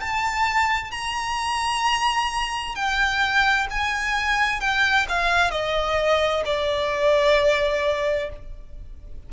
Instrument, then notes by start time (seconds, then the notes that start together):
violin
0.00 A5
0.91 A#5
2.75 G5
3.70 G#5
4.61 G5
5.09 F5
5.51 D#5
6.45 D5